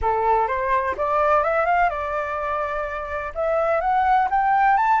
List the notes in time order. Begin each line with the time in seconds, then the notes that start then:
0.01 A4
0.47 C5
0.97 D5
1.43 E5
1.65 F5
1.89 D5
3.34 E5
3.80 F#5
4.30 G5
4.77 A5